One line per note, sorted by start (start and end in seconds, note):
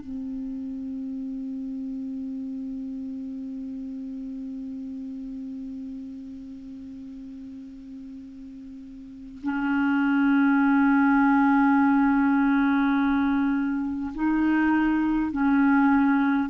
0.00 9.41 C4
9.42 14.13 C#4
14.14 15.32 D#4
15.32 16.49 C#4